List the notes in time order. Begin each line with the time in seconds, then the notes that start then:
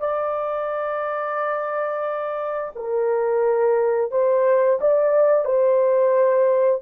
0.00 D5
2.76 A#4
4.11 C5
4.81 D5
5.45 C5